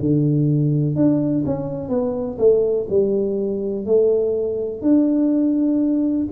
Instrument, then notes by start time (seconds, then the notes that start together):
tuba
0.00 D3
0.95 D4
1.46 C#4
1.89 B3
2.38 A3
2.89 G3
3.86 A3
4.82 D4